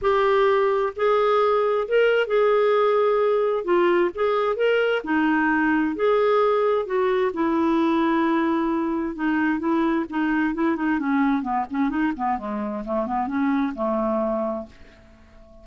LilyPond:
\new Staff \with { instrumentName = "clarinet" } { \time 4/4 \tempo 4 = 131 g'2 gis'2 | ais'4 gis'2. | f'4 gis'4 ais'4 dis'4~ | dis'4 gis'2 fis'4 |
e'1 | dis'4 e'4 dis'4 e'8 dis'8 | cis'4 b8 cis'8 dis'8 b8 gis4 | a8 b8 cis'4 a2 | }